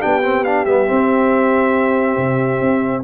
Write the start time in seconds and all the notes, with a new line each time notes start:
0.00 B3 D4 G4 G5
0.23 C4
0.44 D4 F5
0.66 G3 B3 E5
0.87 C4
2.18 C3
2.61 C4